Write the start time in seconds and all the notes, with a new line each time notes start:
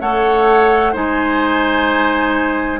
0.00 A3 A4 C#5 F#5
0.92 G#3 D#4 C5 G#5